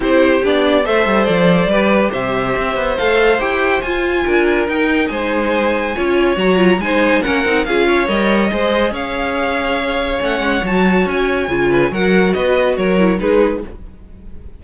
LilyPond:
<<
  \new Staff \with { instrumentName = "violin" } { \time 4/4 \tempo 4 = 141 c''4 d''4 e''4 d''4~ | d''4 e''2 f''4 | g''4 gis''2 g''4 | gis''2. ais''4 |
gis''4 fis''4 f''4 dis''4~ | dis''4 f''2. | fis''4 a''4 gis''2 | fis''4 dis''4 cis''4 b'4 | }
  \new Staff \with { instrumentName = "violin" } { \time 4/4 g'2 c''2 | b'4 c''2.~ | c''2 ais'2 | c''2 cis''2 |
c''4 ais'4 gis'8 cis''4. | c''4 cis''2.~ | cis''2.~ cis''8 b'8 | ais'4 b'4 ais'4 gis'4 | }
  \new Staff \with { instrumentName = "viola" } { \time 4/4 e'4 d'4 a'2 | g'2. a'4 | g'4 f'2 dis'4~ | dis'2 f'4 fis'8 f'8 |
dis'4 cis'8 dis'8 f'4 ais'4 | gis'1 | cis'4 fis'2 f'4 | fis'2~ fis'8 e'8 dis'4 | }
  \new Staff \with { instrumentName = "cello" } { \time 4/4 c'4 b4 a8 g8 f4 | g4 c4 c'8 b8 a4 | e'4 f'4 d'4 dis'4 | gis2 cis'4 fis4 |
gis4 ais8 c'8 cis'4 g4 | gis4 cis'2. | a8 gis8 fis4 cis'4 cis4 | fis4 b4 fis4 gis4 | }
>>